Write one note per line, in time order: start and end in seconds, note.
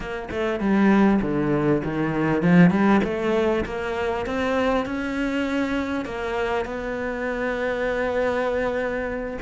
0.00 0.28 A#3
0.30 0.60 A3
0.60 1.20 G3
1.21 1.82 D3
1.83 2.42 D#3
2.42 2.70 F3
2.70 3.00 G3
3.04 3.64 A3
3.65 4.26 A#3
4.26 4.85 C4
4.85 6.05 C#4
6.05 6.65 A#3
6.65 9.37 B3